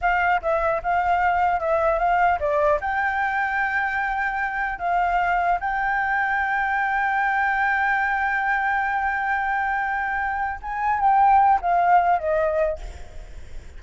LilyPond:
\new Staff \with { instrumentName = "flute" } { \time 4/4 \tempo 4 = 150 f''4 e''4 f''2 | e''4 f''4 d''4 g''4~ | g''1 | f''2 g''2~ |
g''1~ | g''1~ | g''2~ g''8 gis''4 g''8~ | g''4 f''4. dis''4. | }